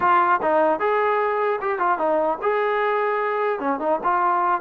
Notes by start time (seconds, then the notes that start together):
0.00 F4
0.42 D#4
0.79 G#4
1.61 G4
1.79 F4
1.98 D#4
2.42 G#4
3.59 C#4
3.79 D#4
4.03 F4